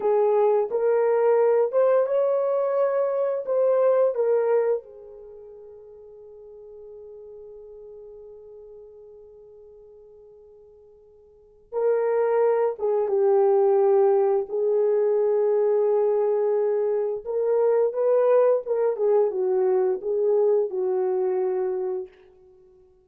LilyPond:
\new Staff \with { instrumentName = "horn" } { \time 4/4 \tempo 4 = 87 gis'4 ais'4. c''8 cis''4~ | cis''4 c''4 ais'4 gis'4~ | gis'1~ | gis'1~ |
gis'4 ais'4. gis'8 g'4~ | g'4 gis'2.~ | gis'4 ais'4 b'4 ais'8 gis'8 | fis'4 gis'4 fis'2 | }